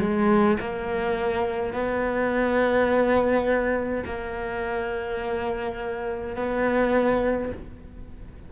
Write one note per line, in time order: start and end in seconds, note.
0.00 0.58 G#3
0.60 1.73 A#3
1.73 4.04 B3
4.05 6.36 A#3
6.36 7.51 B3